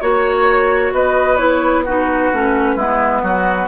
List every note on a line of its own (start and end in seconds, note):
0.00 0.92 A#3
0.00 1.38 F#4
0.00 0.92 C#5
0.00 0.93 C#5
0.92 2.30 B3
0.92 1.84 B4
0.92 1.36 D#5
1.36 1.84 E4
1.36 1.82 C#5
1.84 2.33 D#4
1.84 2.75 F#4
1.84 3.68 B4
2.32 2.75 A3
2.32 2.78 C#4
2.75 3.21 G#3
2.75 3.68 B3
2.75 3.21 E4
3.22 3.68 F#3
3.22 3.68 F#4